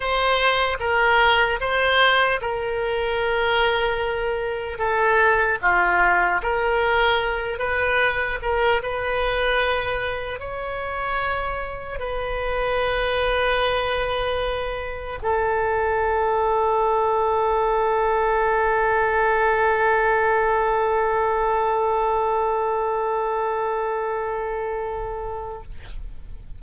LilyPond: \new Staff \with { instrumentName = "oboe" } { \time 4/4 \tempo 4 = 75 c''4 ais'4 c''4 ais'4~ | ais'2 a'4 f'4 | ais'4. b'4 ais'8 b'4~ | b'4 cis''2 b'4~ |
b'2. a'4~ | a'1~ | a'1~ | a'1 | }